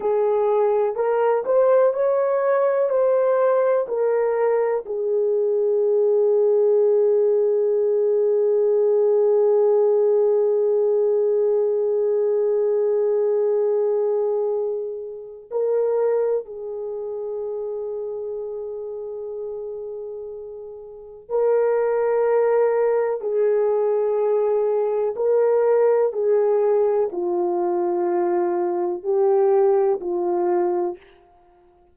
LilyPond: \new Staff \with { instrumentName = "horn" } { \time 4/4 \tempo 4 = 62 gis'4 ais'8 c''8 cis''4 c''4 | ais'4 gis'2.~ | gis'1~ | gis'1 |
ais'4 gis'2.~ | gis'2 ais'2 | gis'2 ais'4 gis'4 | f'2 g'4 f'4 | }